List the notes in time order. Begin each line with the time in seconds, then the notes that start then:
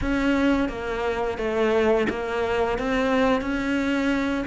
0.01 C#4
0.69 A#3
1.38 A3
2.09 A#3
2.78 C4
3.41 C#4